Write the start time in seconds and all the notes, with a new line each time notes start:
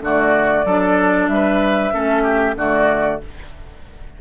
0.00 D3 A3 F#4 D5
0.65 F#3 D4 A4
1.28 G3 B4 E5
1.91 A3 C#4 A4
2.23 G4
2.55 D3 A3 F#4 D5